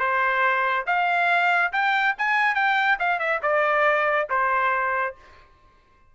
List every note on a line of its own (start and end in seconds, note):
0.00 0.86 C5
0.87 1.73 F5
1.73 2.16 G5
2.18 2.55 G#5
2.55 2.98 G5
2.99 3.19 F5
3.19 3.41 E5
3.43 4.29 D5
4.30 5.16 C5